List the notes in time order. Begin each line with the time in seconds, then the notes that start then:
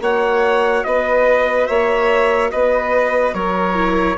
0.00 A#3 F#4 C#5 F#5
0.84 B3 B4 D#5
1.66 A#3 C#5 E5
2.51 B3 B4 D#5
3.34 F#3 A#4 C#5
3.75 E4